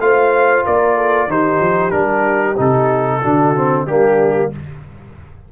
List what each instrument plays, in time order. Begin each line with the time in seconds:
0.00 tuba A3, trombone F4, horn C5, trumpet F5
0.66 tuba A#3, horn A#4, trumpet D5
0.96 horn A4
1.28 tuba D#3, trombone D#4, horn G4, trumpet C5
1.61 tuba F3
1.91 tuba G3, trombone D4, trumpet A#4
2.58 tuba C3, trombone D#4, trumpet A4
3.22 tuba D3, trombone D4, horn F#4
3.56 trombone C4
3.85 tuba G3, trombone A#3, horn D4, trumpet G4